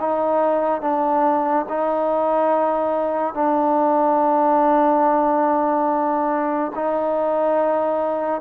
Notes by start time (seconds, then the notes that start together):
0.00 D#4
0.81 D4
1.69 D#4
3.33 D4
6.75 D#4